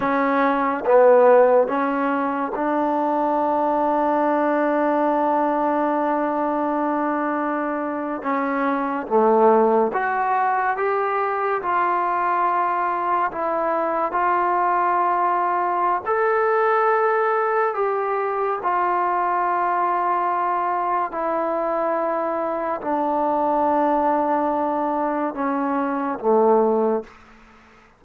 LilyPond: \new Staff \with { instrumentName = "trombone" } { \time 4/4 \tempo 4 = 71 cis'4 b4 cis'4 d'4~ | d'1~ | d'4.~ d'16 cis'4 a4 fis'16~ | fis'8. g'4 f'2 e'16~ |
e'8. f'2~ f'16 a'4~ | a'4 g'4 f'2~ | f'4 e'2 d'4~ | d'2 cis'4 a4 | }